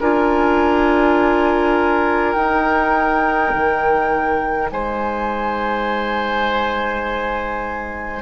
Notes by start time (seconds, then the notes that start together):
0.00 D4 F4 A#4 G#5
2.33 D#4 G5
3.54 D#3
4.71 G#3 C5 G#5